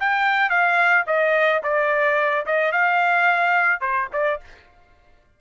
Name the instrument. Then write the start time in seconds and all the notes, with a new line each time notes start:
trumpet
0.00 G5
0.50 F5
1.07 D#5
1.63 D5
2.46 D#5
2.72 F5
3.81 C5
4.13 D5